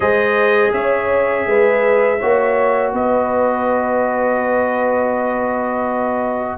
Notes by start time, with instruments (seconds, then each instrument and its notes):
0.00 tuba G#3, trombone G#4, horn C5, trumpet D#5
0.73 tuba C#4, horn C#5, trumpet E5
1.46 tuba G#3, horn B4
2.19 tuba A#3, trombone F#4, horn C#5
2.92 tuba B3, horn B4, trumpet D#5